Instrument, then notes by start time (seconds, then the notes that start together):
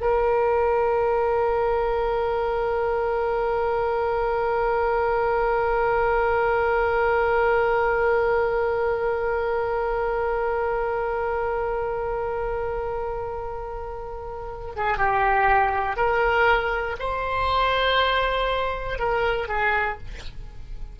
oboe
0.00 A#4
14.75 G#4
14.98 G4
15.96 A#4
16.99 C5
18.99 A#4
19.48 G#4